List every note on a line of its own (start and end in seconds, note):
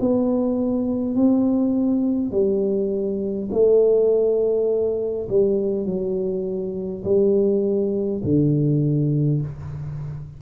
0.00 1.15 B3
1.15 2.32 C4
2.32 3.49 G3
3.51 5.28 A3
5.29 5.86 G3
5.86 7.03 F#3
7.04 8.22 G3
8.24 9.41 D3